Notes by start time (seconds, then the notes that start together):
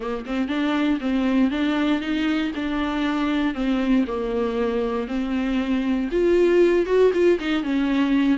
0.00 A#3
0.25 C4
0.48 D4
1.00 C4
1.50 D4
2.00 D#4
2.55 D4
3.54 C4
4.07 A#3
5.07 C4
6.11 F4
6.86 F#4
7.13 F4
7.39 D#4
7.63 C#4